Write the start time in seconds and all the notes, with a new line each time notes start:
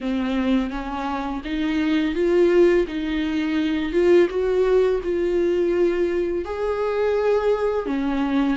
0.01 C4
0.70 C#4
1.44 D#4
2.14 F4
2.87 D#4
3.92 F4
4.29 F#4
5.03 F4
6.44 G#4
7.85 C#4